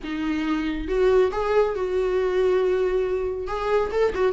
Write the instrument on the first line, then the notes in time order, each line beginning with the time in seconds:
viola
0.03 D#4
0.87 F#4
1.31 G#4
1.75 F#4
3.47 G#4
3.91 A4
4.14 F#4